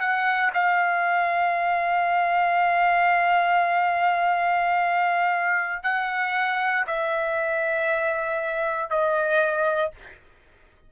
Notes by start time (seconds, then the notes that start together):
0.00 F#5
0.54 F5
5.83 F#5
6.87 E5
8.90 D#5